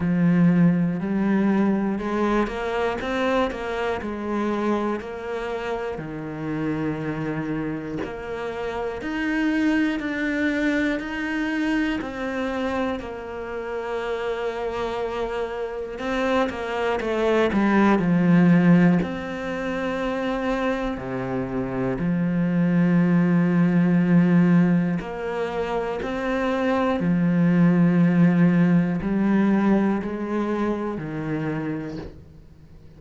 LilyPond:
\new Staff \with { instrumentName = "cello" } { \time 4/4 \tempo 4 = 60 f4 g4 gis8 ais8 c'8 ais8 | gis4 ais4 dis2 | ais4 dis'4 d'4 dis'4 | c'4 ais2. |
c'8 ais8 a8 g8 f4 c'4~ | c'4 c4 f2~ | f4 ais4 c'4 f4~ | f4 g4 gis4 dis4 | }